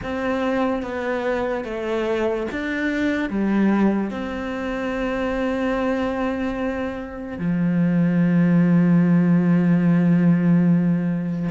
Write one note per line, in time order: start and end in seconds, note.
0.02 0.82 C4
0.82 1.64 B3
1.64 2.46 A3
2.51 3.29 D4
3.29 4.10 G3
4.10 7.38 C4
7.38 11.49 F3